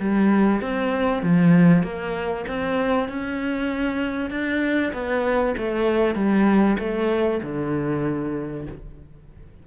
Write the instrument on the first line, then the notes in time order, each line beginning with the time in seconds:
cello
0.00 G3
0.61 C4
1.23 F3
1.83 A#3
2.48 C4
3.08 C#4
4.30 D4
4.93 B3
5.58 A3
6.15 G3
6.79 A3
7.43 D3